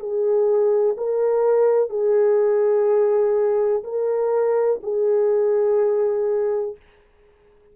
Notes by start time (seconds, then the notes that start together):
0.00 G#4
0.97 A#4
1.90 G#4
3.84 A#4
4.83 G#4